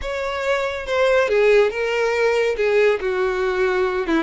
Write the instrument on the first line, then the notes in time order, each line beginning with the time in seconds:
violin
0.01 C#5
0.86 C5
1.28 G#4
1.70 A#4
2.56 G#4
3.00 F#4
4.06 E4